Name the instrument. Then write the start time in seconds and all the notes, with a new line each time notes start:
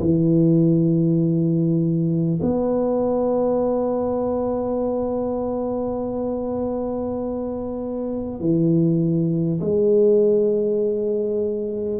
tuba
0.00 E3
2.42 B3
8.40 E3
9.61 G#3